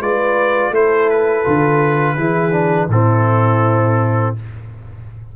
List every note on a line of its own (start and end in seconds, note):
0.00 0.70 G#3
0.00 0.73 F4
0.00 0.71 B4
0.00 0.74 D5
0.70 1.42 A3
0.70 1.44 E4
0.70 2.15 A4
0.70 1.09 C5
1.09 2.90 B4
1.44 2.17 D3
1.44 2.16 F4
2.17 2.88 E3
2.17 2.52 E4
2.17 2.89 G#4
2.52 2.88 D4
2.88 4.33 A2
2.88 4.36 C4
2.88 4.35 E4
2.88 4.35 A4